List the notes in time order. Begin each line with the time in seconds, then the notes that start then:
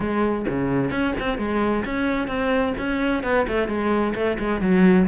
0.00 G#3
0.48 C#3
0.90 C#4
1.19 C4
1.38 G#3
1.84 C#4
2.27 C4
2.78 C#4
3.23 B3
3.47 A3
3.68 G#3
4.14 A3
4.38 G#3
4.60 F#3